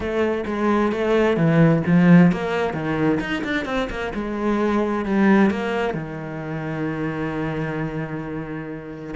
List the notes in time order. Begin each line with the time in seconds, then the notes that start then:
0.00 A3
0.46 G#3
0.91 A3
1.36 E3
1.86 F3
2.32 A#3
2.73 D#3
3.19 D#4
3.44 D4
3.65 C4
3.90 A#3
4.14 G#3
5.05 G3
5.50 A#3
5.94 D#3